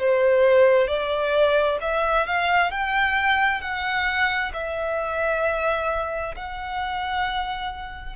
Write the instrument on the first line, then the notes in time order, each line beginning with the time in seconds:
violin
0.00 C5
0.88 D5
1.81 E5
2.27 F5
2.71 G5
3.61 F#5
4.54 E5
6.36 F#5